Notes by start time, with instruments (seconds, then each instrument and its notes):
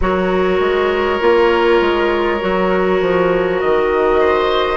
0.01 bassoon F#3, clarinet F#4, oboe A#4, flute C#5
0.59 bassoon G#3
1.20 bassoon A#3, clarinet F4
1.80 bassoon G#3
2.41 bassoon F#3, clarinet F#4
3.00 bassoon F3
3.60 bassoon D#3, flute D#5
4.20 oboe C5